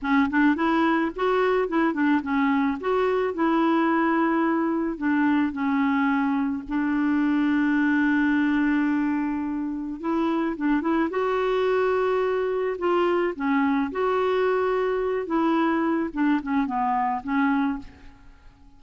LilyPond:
\new Staff \with { instrumentName = "clarinet" } { \time 4/4 \tempo 4 = 108 cis'8 d'8 e'4 fis'4 e'8 d'8 | cis'4 fis'4 e'2~ | e'4 d'4 cis'2 | d'1~ |
d'2 e'4 d'8 e'8 | fis'2. f'4 | cis'4 fis'2~ fis'8 e'8~ | e'4 d'8 cis'8 b4 cis'4 | }